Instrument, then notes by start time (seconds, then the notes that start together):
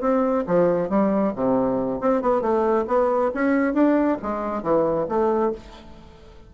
bassoon
0.00 C4
0.47 F3
0.89 G3
1.35 C3
2.00 C4
2.21 B3
2.41 A3
2.87 B3
3.34 C#4
3.73 D4
4.22 G#3
4.62 E3
5.08 A3